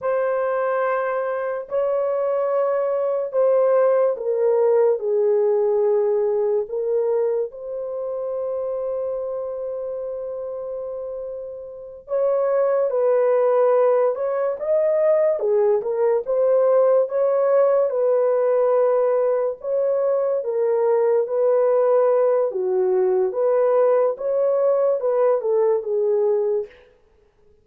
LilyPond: \new Staff \with { instrumentName = "horn" } { \time 4/4 \tempo 4 = 72 c''2 cis''2 | c''4 ais'4 gis'2 | ais'4 c''2.~ | c''2~ c''8 cis''4 b'8~ |
b'4 cis''8 dis''4 gis'8 ais'8 c''8~ | c''8 cis''4 b'2 cis''8~ | cis''8 ais'4 b'4. fis'4 | b'4 cis''4 b'8 a'8 gis'4 | }